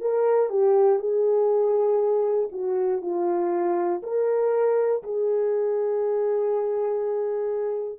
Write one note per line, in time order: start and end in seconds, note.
0.00 0.50 A#4
0.50 0.99 G4
0.99 2.49 G#4
2.51 3.01 F#4
3.01 4.01 F4
4.03 5.03 A#4
5.03 7.98 G#4